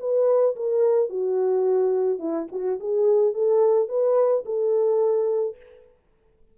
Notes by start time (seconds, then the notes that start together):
0.00 B4
0.56 A#4
1.09 F#4
2.19 E4
2.52 F#4
2.80 G#4
3.34 A4
3.89 B4
4.45 A4